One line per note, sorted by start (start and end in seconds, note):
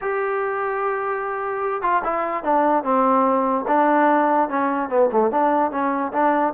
0.01 1.82 G4
1.82 2.02 F4
2.04 2.43 E4
2.43 2.83 D4
2.83 3.65 C4
3.67 4.49 D4
4.49 4.89 C#4
4.89 5.09 B3
5.12 5.31 A3
5.31 5.71 D4
5.71 6.12 C#4
6.12 6.53 D4